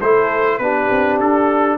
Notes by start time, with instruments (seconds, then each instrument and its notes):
0.00 tuba A3, trombone E4, horn A4, trumpet C5
0.58 tuba B3, trombone D4, horn G4, trumpet B4
0.90 tuba C4
1.20 tuba D4, trumpet A4